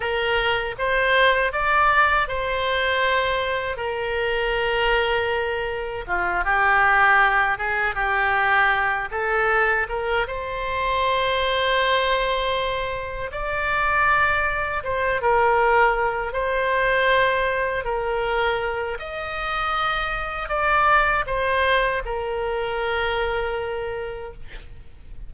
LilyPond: \new Staff \with { instrumentName = "oboe" } { \time 4/4 \tempo 4 = 79 ais'4 c''4 d''4 c''4~ | c''4 ais'2. | f'8 g'4. gis'8 g'4. | a'4 ais'8 c''2~ c''8~ |
c''4. d''2 c''8 | ais'4. c''2 ais'8~ | ais'4 dis''2 d''4 | c''4 ais'2. | }